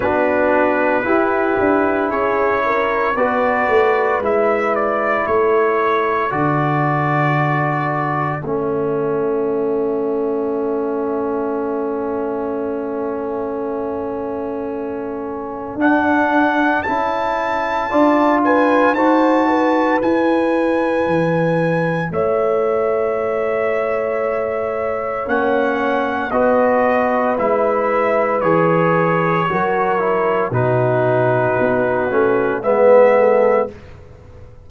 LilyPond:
<<
  \new Staff \with { instrumentName = "trumpet" } { \time 4/4 \tempo 4 = 57 b'2 cis''4 d''4 | e''8 d''8 cis''4 d''2 | e''1~ | e''2. fis''4 |
a''4. gis''8 a''4 gis''4~ | gis''4 e''2. | fis''4 dis''4 e''4 cis''4~ | cis''4 b'2 e''4 | }
  \new Staff \with { instrumentName = "horn" } { \time 4/4 fis'4 g'4 gis'8 ais'8 b'4~ | b'4 a'2.~ | a'1~ | a'1~ |
a'4 d''8 b'8 c''8 b'4.~ | b'4 cis''2.~ | cis''4 b'2. | ais'4 fis'2 b'8 a'8 | }
  \new Staff \with { instrumentName = "trombone" } { \time 4/4 d'4 e'2 fis'4 | e'2 fis'2 | cis'1~ | cis'2. d'4 |
e'4 f'4 fis'4 e'4~ | e'1 | cis'4 fis'4 e'4 gis'4 | fis'8 e'8 dis'4. cis'8 b4 | }
  \new Staff \with { instrumentName = "tuba" } { \time 4/4 b4 e'8 d'8 cis'4 b8 a8 | gis4 a4 d2 | a1~ | a2. d'4 |
cis'4 d'4 dis'4 e'4 | e4 a2. | ais4 b4 gis4 e4 | fis4 b,4 b8 a8 gis4 | }
>>